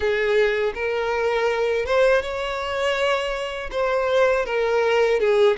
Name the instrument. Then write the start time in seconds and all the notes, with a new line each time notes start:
violin
0.00 G#4
0.74 A#4
1.85 C5
2.22 C#5
3.71 C5
4.45 A#4
5.20 G#4